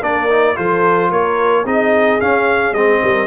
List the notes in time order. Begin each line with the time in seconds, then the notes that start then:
0.00 A#3 D4 A#4 D5
0.30 D#4
0.55 F3 F4 A4 C5
1.10 A#3 A#4 C#5
1.64 C4 D#4 G#4 D#5
2.20 C#4 F5
2.72 G#3 C4 D#5
3.03 G3 A#4